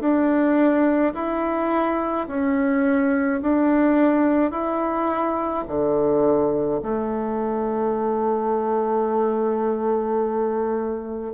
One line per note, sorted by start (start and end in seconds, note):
0.00 1.13 D4
1.14 2.27 E4
2.28 3.41 C#4
3.42 4.51 D4
4.51 5.64 E4
5.68 6.81 D3
6.83 11.34 A3